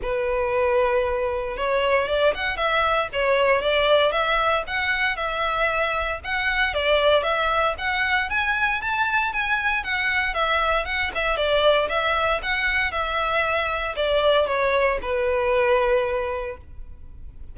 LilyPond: \new Staff \with { instrumentName = "violin" } { \time 4/4 \tempo 4 = 116 b'2. cis''4 | d''8 fis''8 e''4 cis''4 d''4 | e''4 fis''4 e''2 | fis''4 d''4 e''4 fis''4 |
gis''4 a''4 gis''4 fis''4 | e''4 fis''8 e''8 d''4 e''4 | fis''4 e''2 d''4 | cis''4 b'2. | }